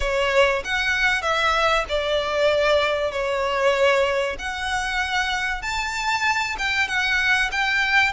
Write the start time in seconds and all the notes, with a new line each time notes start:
0.00 C#5
0.64 F#5
1.22 E5
1.88 D5
3.11 C#5
4.38 F#5
5.62 A5
6.58 G5
6.88 F#5
7.51 G5